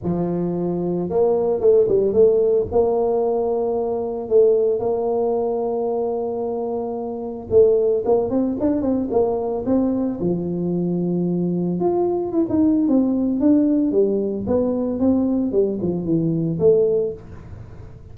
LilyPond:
\new Staff \with { instrumentName = "tuba" } { \time 4/4 \tempo 4 = 112 f2 ais4 a8 g8 | a4 ais2. | a4 ais2.~ | ais2 a4 ais8 c'8 |
d'8 c'8 ais4 c'4 f4~ | f2 f'4 e'16 dis'8. | c'4 d'4 g4 b4 | c'4 g8 f8 e4 a4 | }